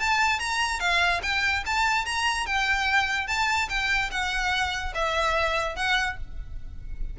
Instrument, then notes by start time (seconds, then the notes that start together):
violin
0.00 A5
0.40 A#5
0.80 F5
1.23 G5
1.66 A5
2.06 A#5
2.46 G5
3.28 A5
3.69 G5
4.11 F#5
4.95 E5
5.76 F#5